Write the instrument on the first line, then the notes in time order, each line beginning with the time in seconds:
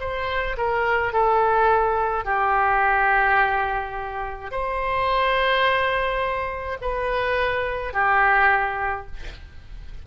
oboe
0.00 C5
0.57 A#4
1.13 A4
2.25 G4
4.51 C5
6.81 B4
7.93 G4